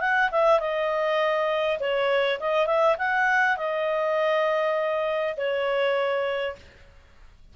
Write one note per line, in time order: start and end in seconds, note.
0.00 0.30 F#5
0.31 0.60 E5
0.60 1.78 D#5
1.80 2.39 C#5
2.40 2.67 D#5
2.67 2.96 E5
2.98 3.57 F#5
3.57 5.35 D#5
5.37 6.56 C#5